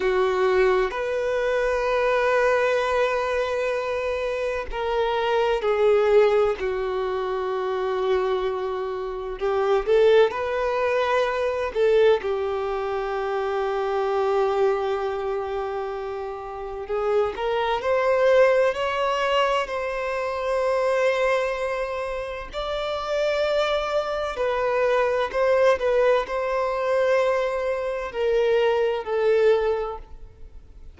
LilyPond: \new Staff \with { instrumentName = "violin" } { \time 4/4 \tempo 4 = 64 fis'4 b'2.~ | b'4 ais'4 gis'4 fis'4~ | fis'2 g'8 a'8 b'4~ | b'8 a'8 g'2.~ |
g'2 gis'8 ais'8 c''4 | cis''4 c''2. | d''2 b'4 c''8 b'8 | c''2 ais'4 a'4 | }